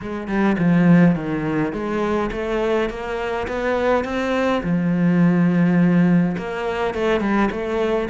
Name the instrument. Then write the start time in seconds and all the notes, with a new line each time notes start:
cello
0.01 G#3
0.27 G3
0.58 F3
1.15 D#3
1.72 G#3
2.31 A3
2.89 A#3
3.47 B3
4.04 C4
4.63 F3
6.37 A#3
6.94 A3
7.20 G3
7.51 A3